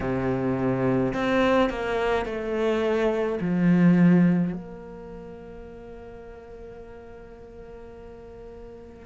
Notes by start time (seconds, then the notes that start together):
0.00 C3
1.13 C4
1.69 A#3
2.25 A3
3.41 F3
4.53 A#3